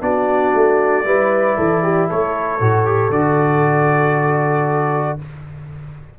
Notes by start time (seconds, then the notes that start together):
0.00 B3 D4 F#4 D5
0.54 A3
1.04 G3 E4 B4
1.57 E3 A4
1.82 G4
2.08 A3 A4 C#5
2.59 A2 F#4
2.85 G4
3.09 D3 F#4 D5